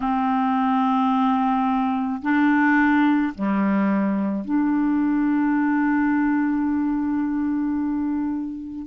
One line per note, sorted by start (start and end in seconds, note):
0.00 2.21 C4
2.22 3.33 D4
3.34 4.44 G3
4.44 8.86 D4